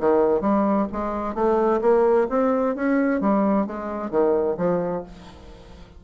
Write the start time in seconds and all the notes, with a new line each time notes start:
0.00 D#3
0.41 G3
0.92 G#3
1.34 A3
1.82 A#3
2.29 C4
2.75 C#4
3.21 G3
3.66 G#3
4.10 D#3
4.57 F3